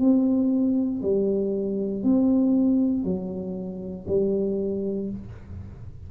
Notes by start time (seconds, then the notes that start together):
0.00 C4
1.02 G3
2.04 C4
3.05 F#3
4.08 G3